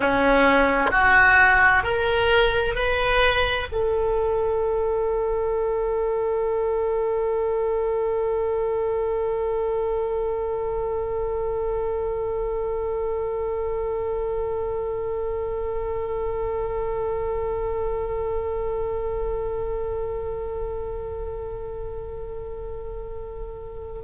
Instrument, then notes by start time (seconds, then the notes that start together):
oboe
0.00 C#4
0.90 F#4
1.83 A#4
2.75 B4
3.72 A4